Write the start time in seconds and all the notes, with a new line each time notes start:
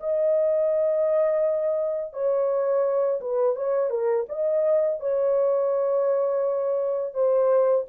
0.00 D#5
2.13 C#5
3.21 B4
3.56 C#5
3.90 A#4
4.29 D#5
5.00 C#5
7.14 C5